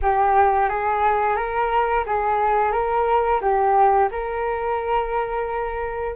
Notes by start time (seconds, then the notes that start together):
0.02 G4
0.68 G#4
1.36 A#4
2.06 G#4
2.72 A#4
3.41 G4
4.11 A#4